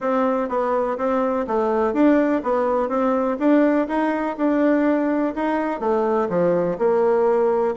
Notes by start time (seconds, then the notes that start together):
0.00 C4
0.48 B3
0.97 C4
1.47 A3
1.93 D4
2.43 B3
2.89 C4
3.39 D4
3.88 D#4
4.37 D4
5.35 D#4
5.80 A3
6.29 F3
6.78 A#3